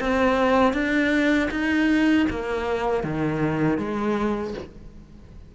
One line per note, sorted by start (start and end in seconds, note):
0.00 0.73 C4
0.73 1.49 D4
1.51 2.27 D#4
2.30 3.03 A#3
3.03 3.78 D#3
3.78 4.54 G#3